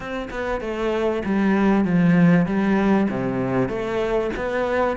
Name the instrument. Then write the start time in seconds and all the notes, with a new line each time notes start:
cello
0.00 C4
0.30 B3
0.60 A3
1.25 G3
1.84 F3
2.45 G3
3.09 C3
3.68 A3
4.36 B3